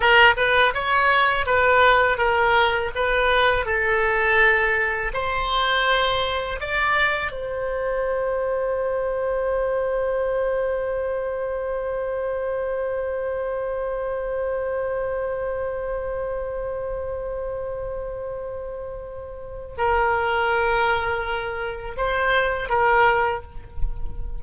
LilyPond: \new Staff \with { instrumentName = "oboe" } { \time 4/4 \tempo 4 = 82 ais'8 b'8 cis''4 b'4 ais'4 | b'4 a'2 c''4~ | c''4 d''4 c''2~ | c''1~ |
c''1~ | c''1~ | c''2. ais'4~ | ais'2 c''4 ais'4 | }